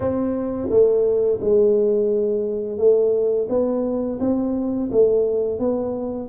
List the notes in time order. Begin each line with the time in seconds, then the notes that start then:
0.00 C4
0.69 A3
1.40 G#3
2.77 A3
3.49 B3
4.20 C4
4.91 A3
5.59 B3